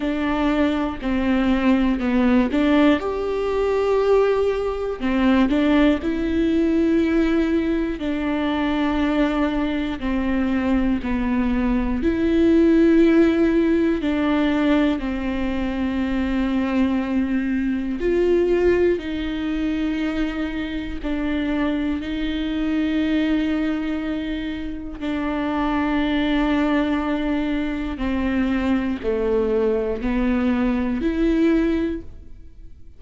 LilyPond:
\new Staff \with { instrumentName = "viola" } { \time 4/4 \tempo 4 = 60 d'4 c'4 b8 d'8 g'4~ | g'4 c'8 d'8 e'2 | d'2 c'4 b4 | e'2 d'4 c'4~ |
c'2 f'4 dis'4~ | dis'4 d'4 dis'2~ | dis'4 d'2. | c'4 a4 b4 e'4 | }